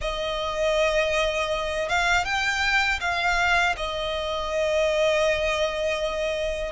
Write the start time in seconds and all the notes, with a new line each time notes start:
0.01 D#5
1.89 F5
2.24 G5
3.00 F5
3.77 D#5